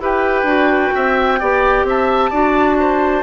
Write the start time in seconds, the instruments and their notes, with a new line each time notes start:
0.00 bassoon E4, clarinet G4, oboe B4, flute G5
0.43 bassoon D4, clarinet F#4
0.94 bassoon C4, oboe E5
1.39 bassoon B3, clarinet G4, oboe D5
1.83 bassoon C4, oboe E5, flute A5
2.30 bassoon D4, clarinet F#4, oboe D5
2.79 oboe C5